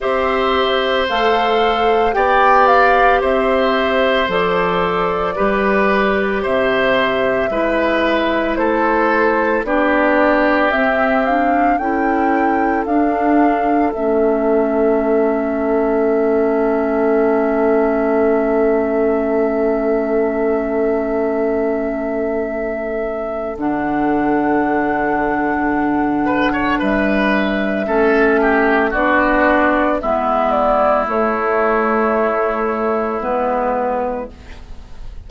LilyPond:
<<
  \new Staff \with { instrumentName = "flute" } { \time 4/4 \tempo 4 = 56 e''4 f''4 g''8 f''8 e''4 | d''2 e''2 | c''4 d''4 e''8 f''8 g''4 | f''4 e''2.~ |
e''1~ | e''2 fis''2~ | fis''4 e''2 d''4 | e''8 d''8 cis''2 b'4 | }
  \new Staff \with { instrumentName = "oboe" } { \time 4/4 c''2 d''4 c''4~ | c''4 b'4 c''4 b'4 | a'4 g'2 a'4~ | a'1~ |
a'1~ | a'1~ | a'8 b'16 cis''16 b'4 a'8 g'8 fis'4 | e'1 | }
  \new Staff \with { instrumentName = "clarinet" } { \time 4/4 g'4 a'4 g'2 | a'4 g'2 e'4~ | e'4 d'4 c'8 d'8 e'4 | d'4 cis'2.~ |
cis'1~ | cis'2 d'2~ | d'2 cis'4 d'4 | b4 a2 b4 | }
  \new Staff \with { instrumentName = "bassoon" } { \time 4/4 c'4 a4 b4 c'4 | f4 g4 c4 gis4 | a4 b4 c'4 cis'4 | d'4 a2.~ |
a1~ | a2 d2~ | d4 g4 a4 b4 | gis4 a2 gis4 | }
>>